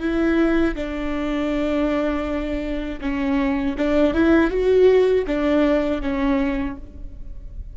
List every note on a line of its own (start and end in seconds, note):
0.00 0.75 E4
0.75 3.00 D4
3.01 3.76 C#4
3.77 4.14 D4
4.14 4.50 E4
4.50 5.25 F#4
5.27 6.01 D4
6.01 6.76 C#4